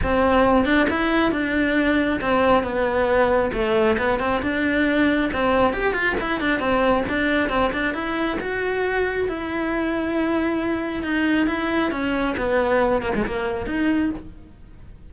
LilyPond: \new Staff \with { instrumentName = "cello" } { \time 4/4 \tempo 4 = 136 c'4. d'8 e'4 d'4~ | d'4 c'4 b2 | a4 b8 c'8 d'2 | c'4 g'8 f'8 e'8 d'8 c'4 |
d'4 c'8 d'8 e'4 fis'4~ | fis'4 e'2.~ | e'4 dis'4 e'4 cis'4 | b4. ais16 gis16 ais4 dis'4 | }